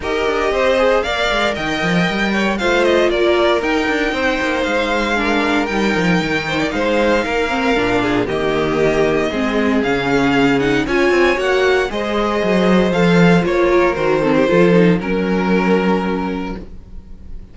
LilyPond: <<
  \new Staff \with { instrumentName = "violin" } { \time 4/4 \tempo 4 = 116 dis''2 f''4 g''4~ | g''4 f''8 dis''8 d''4 g''4~ | g''4 f''2 g''4~ | g''4 f''2. |
dis''2. f''4~ | f''8 fis''8 gis''4 fis''4 dis''4~ | dis''4 f''4 cis''4 c''4~ | c''4 ais'2. | }
  \new Staff \with { instrumentName = "violin" } { \time 4/4 ais'4 c''4 d''4 dis''4~ | dis''8 cis''8 c''4 ais'2 | c''2 ais'2~ | ais'8 c''16 d''16 c''4 ais'4. gis'8 |
g'2 gis'2~ | gis'4 cis''2 c''4~ | c''2~ c''8 ais'4 a'16 g'16 | a'4 ais'2. | }
  \new Staff \with { instrumentName = "viola" } { \time 4/4 g'4. gis'8 ais'2~ | ais'4 f'2 dis'4~ | dis'2 d'4 dis'4~ | dis'2~ dis'8 c'8 d'4 |
ais2 c'4 cis'4~ | cis'8 dis'8 f'4 fis'4 gis'4~ | gis'4 a'4 f'4 fis'8 c'8 | f'8 dis'8 cis'2. | }
  \new Staff \with { instrumentName = "cello" } { \time 4/4 dis'8 d'8 c'4 ais8 gis8 dis8 f8 | g4 a4 ais4 dis'8 d'8 | c'8 ais8 gis2 g8 f8 | dis4 gis4 ais4 ais,4 |
dis2 gis4 cis4~ | cis4 cis'8 c'8 ais4 gis4 | fis4 f4 ais4 dis4 | f4 fis2. | }
>>